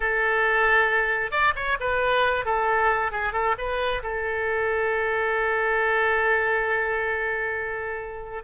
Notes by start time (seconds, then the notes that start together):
0.00 A4
1.31 D5
1.55 C#5
1.79 B4
2.45 A4
3.11 G#4
3.32 A4
3.58 B4
4.02 A4